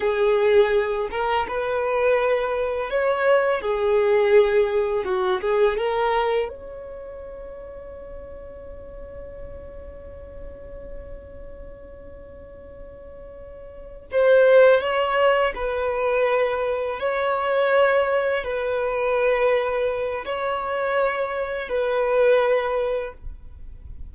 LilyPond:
\new Staff \with { instrumentName = "violin" } { \time 4/4 \tempo 4 = 83 gis'4. ais'8 b'2 | cis''4 gis'2 fis'8 gis'8 | ais'4 cis''2.~ | cis''1~ |
cis''2.~ cis''8 c''8~ | c''8 cis''4 b'2 cis''8~ | cis''4. b'2~ b'8 | cis''2 b'2 | }